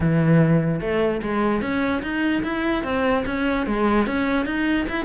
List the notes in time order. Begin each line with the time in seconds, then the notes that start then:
0.00 E3
0.80 A3
1.22 G#3
1.61 C#4
2.02 D#4
2.43 E4
2.83 C4
3.25 C#4
3.66 G#3
4.06 C#4
4.45 D#4
4.88 E4